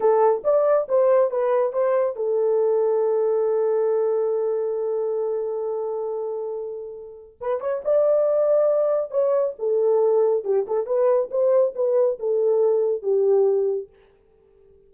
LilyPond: \new Staff \with { instrumentName = "horn" } { \time 4/4 \tempo 4 = 138 a'4 d''4 c''4 b'4 | c''4 a'2.~ | a'1~ | a'1~ |
a'4 b'8 cis''8 d''2~ | d''4 cis''4 a'2 | g'8 a'8 b'4 c''4 b'4 | a'2 g'2 | }